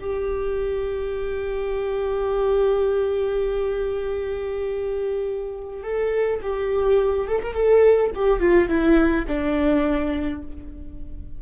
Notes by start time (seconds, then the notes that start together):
0.00 G4
5.83 A4
6.42 G4
7.28 A4
7.43 A#4
7.54 A4
8.15 G4
8.40 F4
8.68 E4
9.28 D4